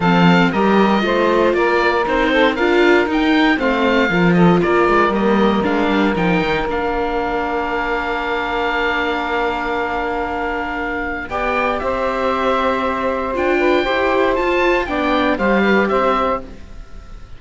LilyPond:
<<
  \new Staff \with { instrumentName = "oboe" } { \time 4/4 \tempo 4 = 117 f''4 dis''2 d''4 | c''4 f''4 g''4 f''4~ | f''8 dis''8 d''4 dis''4 f''4 | g''4 f''2.~ |
f''1~ | f''2 g''4 e''4~ | e''2 g''2 | a''4 g''4 f''4 e''4 | }
  \new Staff \with { instrumentName = "saxophone" } { \time 4/4 a'4 ais'4 c''4 ais'4~ | ais'8 a'8 ais'2 c''4 | ais'8 a'8 ais'2.~ | ais'1~ |
ais'1~ | ais'2 d''4 c''4~ | c''2~ c''8 b'8 c''4~ | c''4 d''4 c''8 b'8 c''4 | }
  \new Staff \with { instrumentName = "viola" } { \time 4/4 c'4 g'4 f'2 | dis'4 f'4 dis'4 c'4 | f'2 ais4 d'4 | dis'4 d'2.~ |
d'1~ | d'2 g'2~ | g'2 f'4 g'4 | f'4 d'4 g'2 | }
  \new Staff \with { instrumentName = "cello" } { \time 4/4 f4 g4 a4 ais4 | c'4 d'4 dis'4 a4 | f4 ais8 gis8 g4 gis8 g8 | f8 dis8 ais2.~ |
ais1~ | ais2 b4 c'4~ | c'2 d'4 e'4 | f'4 b4 g4 c'4 | }
>>